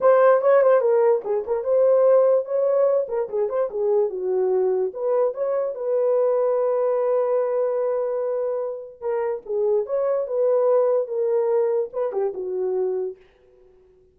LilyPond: \new Staff \with { instrumentName = "horn" } { \time 4/4 \tempo 4 = 146 c''4 cis''8 c''8 ais'4 gis'8 ais'8 | c''2 cis''4. ais'8 | gis'8 c''8 gis'4 fis'2 | b'4 cis''4 b'2~ |
b'1~ | b'2 ais'4 gis'4 | cis''4 b'2 ais'4~ | ais'4 b'8 g'8 fis'2 | }